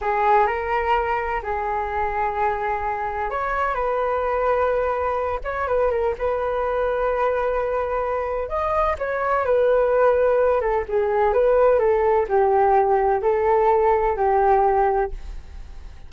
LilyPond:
\new Staff \with { instrumentName = "flute" } { \time 4/4 \tempo 4 = 127 gis'4 ais'2 gis'4~ | gis'2. cis''4 | b'2.~ b'8 cis''8 | b'8 ais'8 b'2.~ |
b'2 dis''4 cis''4 | b'2~ b'8 a'8 gis'4 | b'4 a'4 g'2 | a'2 g'2 | }